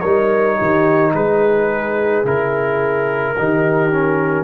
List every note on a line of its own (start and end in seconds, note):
0.00 0.59 G3
0.00 2.24 D#4
0.00 0.56 A#4
0.00 1.11 C#5
0.56 1.14 D#3
0.56 1.12 G4
1.14 2.24 G#3
1.14 3.37 G#4
1.14 2.26 B4
2.24 3.35 C#3
2.24 3.35 E4
2.24 4.44 A#4
3.37 4.44 D#3
3.37 3.91 D#4
3.37 4.44 G4
3.91 4.44 C#4